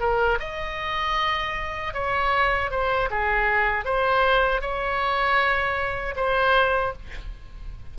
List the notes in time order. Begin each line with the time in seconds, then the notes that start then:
0.00 A#4
0.40 D#5
1.94 C#5
2.71 C5
3.10 G#4
3.85 C5
4.61 C#5
6.16 C5